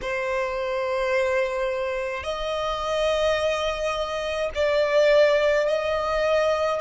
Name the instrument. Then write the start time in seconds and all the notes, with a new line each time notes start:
violin
0.01 C5
2.23 D#5
4.54 D5
5.67 D#5